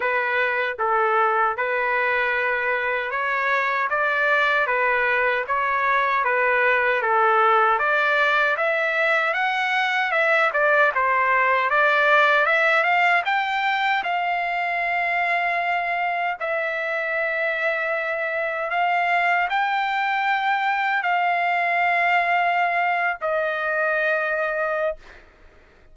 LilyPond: \new Staff \with { instrumentName = "trumpet" } { \time 4/4 \tempo 4 = 77 b'4 a'4 b'2 | cis''4 d''4 b'4 cis''4 | b'4 a'4 d''4 e''4 | fis''4 e''8 d''8 c''4 d''4 |
e''8 f''8 g''4 f''2~ | f''4 e''2. | f''4 g''2 f''4~ | f''4.~ f''16 dis''2~ dis''16 | }